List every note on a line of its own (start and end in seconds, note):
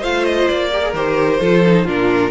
0.00 0.49 A3
0.00 0.71 F4
0.00 0.69 C5
0.00 0.25 F5
0.25 0.47 D#5
0.47 0.94 A#3
0.47 0.93 D5
0.72 0.83 G4
0.72 1.40 A#4
0.83 0.94 G#4
0.94 1.39 D#3
0.94 1.40 G4
0.94 1.87 C5
1.40 1.86 F3
1.40 1.63 F4
1.40 1.84 A4
1.66 1.87 D#4
1.84 2.31 A#2
1.84 2.31 D4
1.84 2.30 F4
1.84 2.31 A#4